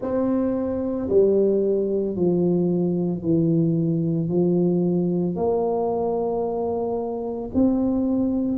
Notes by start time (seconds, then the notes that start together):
0.01 C4
1.09 G3
2.15 F3
3.21 E3
4.29 F3
5.36 A#3
7.54 C4